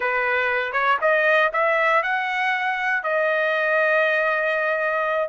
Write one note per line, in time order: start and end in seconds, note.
0.00 0.72 B4
0.72 0.97 C#5
1.01 1.51 D#5
1.52 2.03 E5
2.03 3.03 F#5
3.03 5.28 D#5